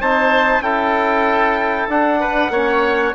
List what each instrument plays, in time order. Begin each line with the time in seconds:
0.00 bassoon C4, trombone D#4, oboe C5, trumpet A5
0.60 bassoon C#4, trombone E4, oboe A4, trumpet G5
1.88 bassoon D4, trombone D4, trumpet F#5
2.20 oboe B4
2.49 bassoon A#3, trombone C#4, oboe C#5